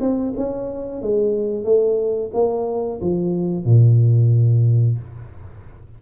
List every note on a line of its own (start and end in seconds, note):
0.00 0.33 C4
0.37 1.02 C#4
1.02 1.64 G#3
1.64 2.31 A3
2.33 3.00 A#3
3.01 3.65 F3
3.65 4.98 A#2